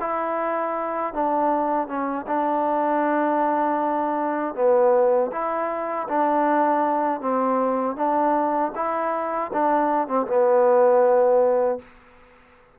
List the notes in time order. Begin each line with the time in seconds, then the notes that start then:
0.00 E4
1.14 D4
1.88 C#4
2.27 D4
4.55 B3
5.32 E4
6.09 D4
7.21 C4
7.96 D4
8.75 E4
9.54 D4
10.08 C4
10.27 B3